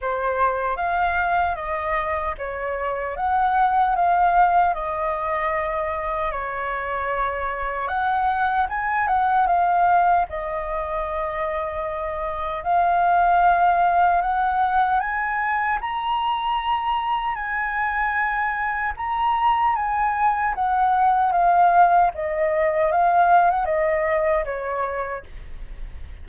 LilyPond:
\new Staff \with { instrumentName = "flute" } { \time 4/4 \tempo 4 = 76 c''4 f''4 dis''4 cis''4 | fis''4 f''4 dis''2 | cis''2 fis''4 gis''8 fis''8 | f''4 dis''2. |
f''2 fis''4 gis''4 | ais''2 gis''2 | ais''4 gis''4 fis''4 f''4 | dis''4 f''8. fis''16 dis''4 cis''4 | }